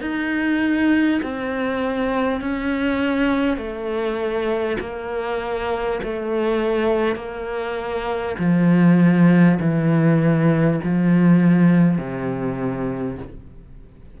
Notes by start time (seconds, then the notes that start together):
0.00 D#4
1.22 C4
2.41 C#4
3.57 A3
4.80 A#3
6.03 A3
7.15 A#3
8.38 F3
9.59 E3
10.83 F3
11.98 C3